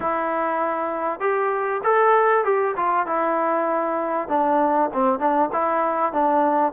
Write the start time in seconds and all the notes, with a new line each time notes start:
0.00 E4
1.19 G4
1.83 A4
2.44 G4
2.76 F4
3.06 E4
4.28 D4
4.93 C4
5.19 D4
5.52 E4
6.12 D4